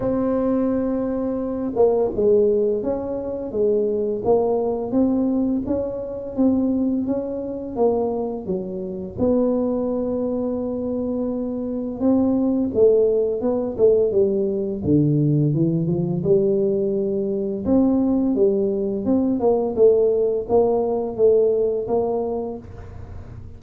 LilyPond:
\new Staff \with { instrumentName = "tuba" } { \time 4/4 \tempo 4 = 85 c'2~ c'8 ais8 gis4 | cis'4 gis4 ais4 c'4 | cis'4 c'4 cis'4 ais4 | fis4 b2.~ |
b4 c'4 a4 b8 a8 | g4 d4 e8 f8 g4~ | g4 c'4 g4 c'8 ais8 | a4 ais4 a4 ais4 | }